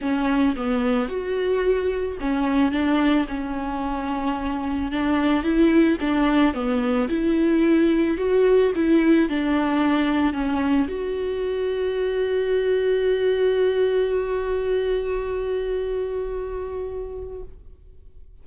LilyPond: \new Staff \with { instrumentName = "viola" } { \time 4/4 \tempo 4 = 110 cis'4 b4 fis'2 | cis'4 d'4 cis'2~ | cis'4 d'4 e'4 d'4 | b4 e'2 fis'4 |
e'4 d'2 cis'4 | fis'1~ | fis'1~ | fis'1 | }